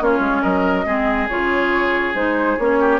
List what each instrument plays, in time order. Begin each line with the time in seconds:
0.00 bassoon A#3, clarinet C#4, oboe F4, flute C#5
0.19 bassoon G#3
0.42 bassoon F#3, oboe A#4, flute D#5
0.85 bassoon G#3, clarinet C4, oboe G#4
1.28 bassoon C#3, clarinet F4, flute C#5
2.14 bassoon G#3, clarinet D#4, flute C5
2.57 bassoon A#3, clarinet C#4, flute C#5
2.79 oboe G4